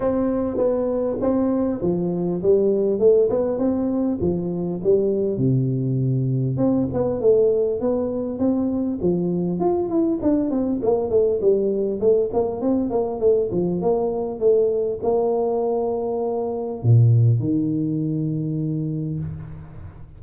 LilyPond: \new Staff \with { instrumentName = "tuba" } { \time 4/4 \tempo 4 = 100 c'4 b4 c'4 f4 | g4 a8 b8 c'4 f4 | g4 c2 c'8 b8 | a4 b4 c'4 f4 |
f'8 e'8 d'8 c'8 ais8 a8 g4 | a8 ais8 c'8 ais8 a8 f8 ais4 | a4 ais2. | ais,4 dis2. | }